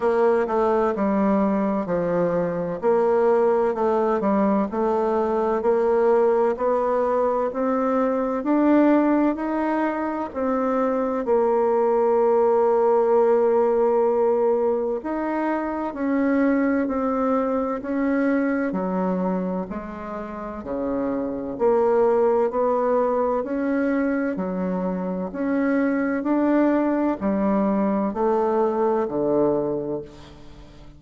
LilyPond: \new Staff \with { instrumentName = "bassoon" } { \time 4/4 \tempo 4 = 64 ais8 a8 g4 f4 ais4 | a8 g8 a4 ais4 b4 | c'4 d'4 dis'4 c'4 | ais1 |
dis'4 cis'4 c'4 cis'4 | fis4 gis4 cis4 ais4 | b4 cis'4 fis4 cis'4 | d'4 g4 a4 d4 | }